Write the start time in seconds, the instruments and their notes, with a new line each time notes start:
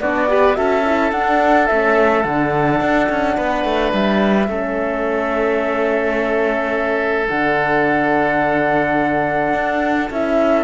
0.00 cello B3, horn D4, oboe F#4, flute D5
0.29 horn G4, oboe B4
0.55 cello C#4, horn F#4, oboe A4, flute E5
0.85 horn E4
1.12 cello D4, horn D4, flute F#5
1.67 cello A3, horn C#4, flute E5
2.24 cello D3, horn D4, flute F#5
2.81 cello D4
3.09 cello C#4
3.37 cello B3, oboe B4
3.65 cello A3
3.93 cello G3, flute E5
4.48 cello A3, horn C#4, oboe A4
7.28 cello D3, horn D4, flute F#5
9.54 cello D4
10.11 cello C#4, horn E4, flute E5